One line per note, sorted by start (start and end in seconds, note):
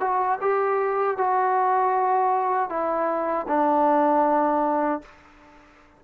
0.00 0.38 F#4
0.41 1.17 G4
1.17 2.69 F#4
2.69 3.46 E4
3.48 5.02 D4